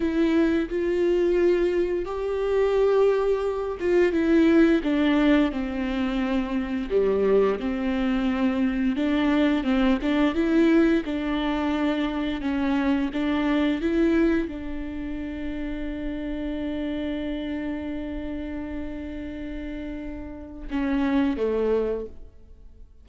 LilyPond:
\new Staff \with { instrumentName = "viola" } { \time 4/4 \tempo 4 = 87 e'4 f'2 g'4~ | g'4. f'8 e'4 d'4 | c'2 g4 c'4~ | c'4 d'4 c'8 d'8 e'4 |
d'2 cis'4 d'4 | e'4 d'2.~ | d'1~ | d'2 cis'4 a4 | }